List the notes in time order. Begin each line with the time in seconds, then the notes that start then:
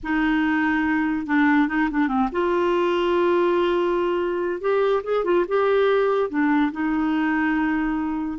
0.03 D#4
1.26 D4
1.68 D#4
1.90 D4
2.08 C4
2.32 F4
4.60 G4
5.03 G#4
5.24 F4
5.48 G4
6.29 D4
6.72 D#4